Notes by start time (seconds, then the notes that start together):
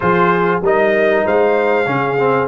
0.00 F3 F4 G#4 C5
0.61 G3 D#4 A#4 D#5
1.24 G#3 C5 F5
1.85 C#3 C#4 G#4
2.19 C4